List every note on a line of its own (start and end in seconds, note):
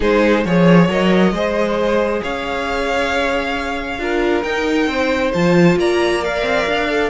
0.00 0.45 G#3
0.00 0.44 D#4
0.00 0.44 G#4
0.00 0.46 C5
0.44 0.88 F3
0.44 0.89 G#4
0.44 1.33 C#5
0.44 0.90 C#5
0.88 1.32 F#3
0.88 1.34 A#4
0.88 2.22 D#5
1.32 2.21 G#3
1.32 3.99 G#4
1.32 2.22 C5
2.22 3.99 C#4
2.22 4.00 C#5
2.22 4.42 F5
3.99 4.43 D4
3.99 4.43 F4
3.99 4.89 A#4
4.42 4.86 D#4
4.42 5.33 D#4
4.42 5.31 G5
4.86 5.31 C4
4.86 5.78 C5
5.33 5.76 F3
5.33 6.22 F4
5.33 5.78 A5
5.76 6.42 A#3
5.76 7.10 D5
5.76 6.24 A#5
6.22 6.89 A#4
6.22 7.10 F5
6.42 6.64 C4
6.66 7.10 D4
6.89 7.10 A4